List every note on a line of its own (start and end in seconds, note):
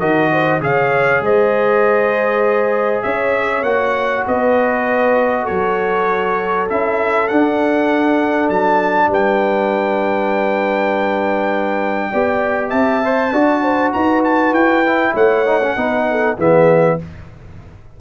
0.00 0.61 D#3
0.00 0.61 F#4
0.00 0.30 A#4
0.00 0.61 D#5
0.32 0.63 C5
0.61 1.21 C#3
0.61 3.64 G#4
0.61 1.24 C#5
0.61 1.24 F5
1.21 3.02 G#3
1.21 3.05 C5
1.21 3.03 D#5
3.03 3.63 C#4
3.03 4.26 C#5
3.03 3.63 E5
3.63 4.24 A#3
3.63 6.68 F#4
3.63 4.24 F#5
4.27 5.49 B3
4.27 5.43 B4
4.27 5.46 D#5
5.43 9.07 A4
5.43 6.67 C#5
5.50 6.71 F#3
6.69 7.31 C#4
6.69 7.29 E4
6.69 7.28 E5
7.28 12.13 D4
7.28 8.50 D4
7.28 8.49 F#5
8.50 9.08 F#3
8.50 9.11 A5
9.08 12.11 G3
9.08 12.11 B4
9.08 12.70 G5
12.11 12.72 B3
12.11 13.04 G4
12.11 12.70 D5
12.70 13.33 C4
12.70 13.30 E5
12.70 13.91 A5
13.04 13.34 C5
13.33 13.93 D4
13.33 14.85 F#4
13.33 13.63 D5
13.63 13.93 C5
13.93 14.52 D#4
13.93 15.14 B4
13.93 14.23 A#5
14.24 14.54 A5
14.52 15.12 E4
14.52 15.15 G5
14.87 15.46 E4
15.14 15.76 A3
15.14 15.74 C#5
15.14 16.38 F#5
15.46 15.62 D#4
15.63 15.77 C#4
15.77 16.37 B3
15.77 16.37 D#4
15.77 16.08 B4
16.11 16.37 A4
16.37 16.99 E3
16.37 16.99 B3
16.37 16.98 G#4
16.37 17.01 E5